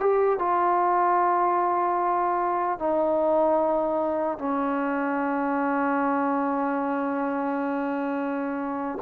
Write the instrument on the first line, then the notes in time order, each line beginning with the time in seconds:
trombone
0.00 G4
0.39 F4
2.79 D#4
4.39 C#4